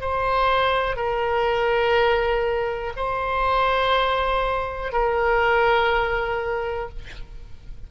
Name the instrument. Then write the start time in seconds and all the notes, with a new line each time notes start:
oboe
0.00 C5
0.96 A#4
2.96 C5
4.92 A#4